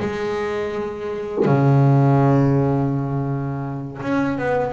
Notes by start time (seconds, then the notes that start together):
0.00 G#3
1.45 C#3
4.02 C#4
4.38 B3